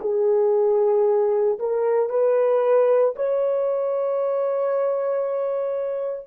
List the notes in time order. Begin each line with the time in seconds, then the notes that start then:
0.00 G#4
1.58 A#4
2.09 B4
3.15 C#5